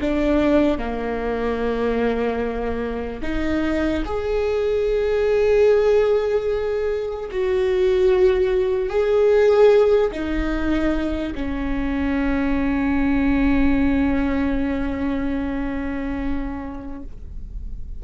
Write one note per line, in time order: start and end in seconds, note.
0.00 0.78 D4
0.78 3.21 A#3
3.22 4.03 D#4
4.05 7.29 G#4
7.30 8.89 F#4
8.89 10.11 G#4
10.11 11.33 D#4
11.34 17.02 C#4